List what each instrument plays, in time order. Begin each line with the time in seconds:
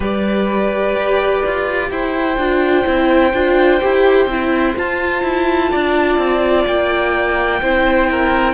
0.00 cello G3, viola G4, violin B4 D5
0.95 cello G4
1.46 cello F4
1.90 cello E4, violin C5 G5
2.37 cello D4, viola F4
2.84 cello C4, viola E4
3.33 cello D4, viola F4
3.80 cello E4, viola G4
4.26 cello C4, viola E4
4.75 viola F4, cello F4, violin A5
5.22 cello E4
5.71 cello D4, violin D5
6.18 cello C4
6.66 cello A#3, violin G5
7.62 cello C4, viola E4, violin C5
8.10 violin A#4